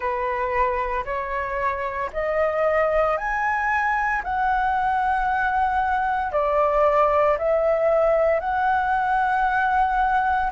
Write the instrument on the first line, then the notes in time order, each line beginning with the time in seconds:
flute
0.00 B4
1.05 C#5
2.12 D#5
3.17 G#5
4.23 F#5
6.32 D5
7.37 E5
8.40 F#5